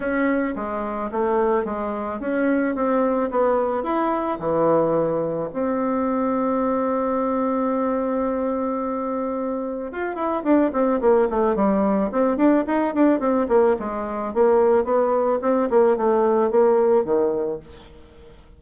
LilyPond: \new Staff \with { instrumentName = "bassoon" } { \time 4/4 \tempo 4 = 109 cis'4 gis4 a4 gis4 | cis'4 c'4 b4 e'4 | e2 c'2~ | c'1~ |
c'2 f'8 e'8 d'8 c'8 | ais8 a8 g4 c'8 d'8 dis'8 d'8 | c'8 ais8 gis4 ais4 b4 | c'8 ais8 a4 ais4 dis4 | }